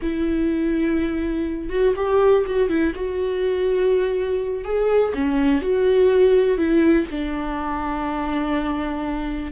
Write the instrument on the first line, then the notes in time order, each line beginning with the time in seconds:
viola
0.02 E4
1.69 F#4
1.95 G4
2.45 F#4
2.68 E4
2.95 F#4
4.64 G#4
5.14 C#4
5.61 F#4
6.57 E4
7.11 D4